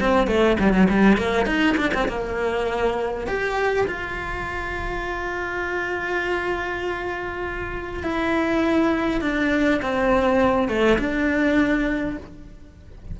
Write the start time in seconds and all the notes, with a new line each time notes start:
0.00 C4
0.27 A3
0.59 G3
0.73 F#3
0.89 G3
1.17 A#3
1.46 D#4
1.77 D4
1.94 C4
2.08 A#3
3.27 G4
3.87 F4
8.03 E4
9.21 D4
9.82 C4
10.68 A3
10.98 D4